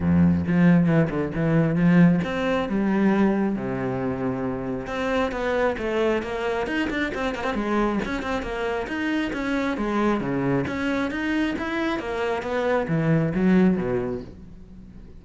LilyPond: \new Staff \with { instrumentName = "cello" } { \time 4/4 \tempo 4 = 135 f,4 f4 e8 d8 e4 | f4 c'4 g2 | c2. c'4 | b4 a4 ais4 dis'8 d'8 |
c'8 ais16 c'16 gis4 cis'8 c'8 ais4 | dis'4 cis'4 gis4 cis4 | cis'4 dis'4 e'4 ais4 | b4 e4 fis4 b,4 | }